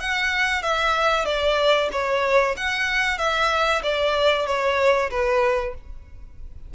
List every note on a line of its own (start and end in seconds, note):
0.00 0.62 F#5
0.62 1.25 E5
1.25 1.89 D5
1.92 2.56 C#5
2.57 3.18 F#5
3.18 3.82 E5
3.83 4.47 D5
4.47 5.10 C#5
5.11 5.74 B4